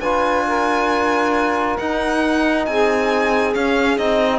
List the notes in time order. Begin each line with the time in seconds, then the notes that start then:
0.00 D4 F4 B4 G#5
0.48 A#4
1.78 D#4 F#5
2.66 C4 G#4 G#5
3.54 C#4 F5
3.98 C4 D#4 D#5